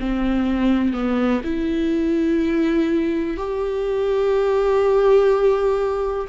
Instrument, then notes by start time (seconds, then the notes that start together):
viola
0.00 C4
0.93 B3
1.44 E4
3.37 G4